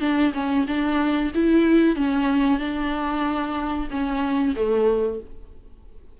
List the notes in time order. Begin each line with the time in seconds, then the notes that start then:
0.00 D4
0.33 C#4
0.67 D4
1.34 E4
1.95 C#4
2.59 D4
3.90 C#4
4.55 A3